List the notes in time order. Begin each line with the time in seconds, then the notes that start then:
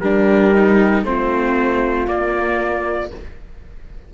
0.00 G3 D4 G4 A#4
0.55 D#4
1.04 A3 C4 F4 C5
2.08 A#3 D5